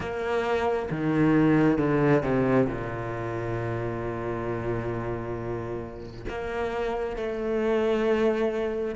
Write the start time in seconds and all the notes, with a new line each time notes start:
0.00 A#3
0.90 D#3
1.77 D3
2.23 C3
2.66 A#2
6.28 A#3
7.16 A3